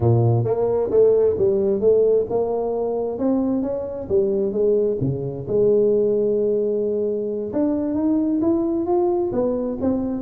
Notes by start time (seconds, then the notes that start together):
0.00 A#2
0.44 A#3
0.90 A3
1.38 G3
1.80 A3
2.29 A#3
3.18 C4
3.62 C#4
4.08 G3
4.52 G#3
5.00 C#3
5.47 G#3
7.52 D4
7.94 D#4
8.41 E4
8.86 F4
9.32 B3
9.80 C4